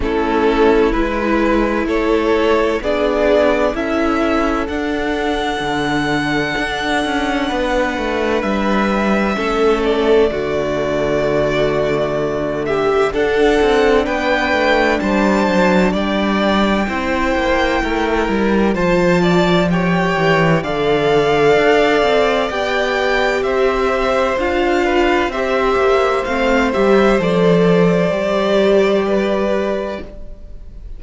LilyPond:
<<
  \new Staff \with { instrumentName = "violin" } { \time 4/4 \tempo 4 = 64 a'4 b'4 cis''4 d''4 | e''4 fis''2.~ | fis''4 e''4. d''4.~ | d''4. e''8 fis''4 g''4 |
a''4 g''2. | a''4 g''4 f''2 | g''4 e''4 f''4 e''4 | f''8 e''8 d''2. | }
  \new Staff \with { instrumentName = "violin" } { \time 4/4 e'2 a'4 gis'4 | a'1 | b'2 a'4 fis'4~ | fis'4. g'8 a'4 b'4 |
c''4 d''4 c''4 ais'4 | c''8 d''8 cis''4 d''2~ | d''4 c''4. b'8 c''4~ | c''2. b'4 | }
  \new Staff \with { instrumentName = "viola" } { \time 4/4 cis'4 e'2 d'4 | e'4 d'2.~ | d'2 cis'4 a4~ | a2 d'2~ |
d'2 e'2 | f'4 g'4 a'2 | g'2 f'4 g'4 | c'8 g'8 a'4 g'2 | }
  \new Staff \with { instrumentName = "cello" } { \time 4/4 a4 gis4 a4 b4 | cis'4 d'4 d4 d'8 cis'8 | b8 a8 g4 a4 d4~ | d2 d'8 c'8 b8 a8 |
g8 fis8 g4 c'8 ais8 a8 g8 | f4. e8 d4 d'8 c'8 | b4 c'4 d'4 c'8 ais8 | a8 g8 f4 g2 | }
>>